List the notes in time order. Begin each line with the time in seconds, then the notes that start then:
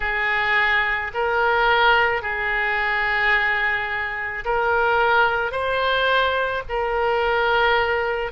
0.00 G#4
1.14 A#4
2.22 G#4
4.44 A#4
5.51 C5
6.68 A#4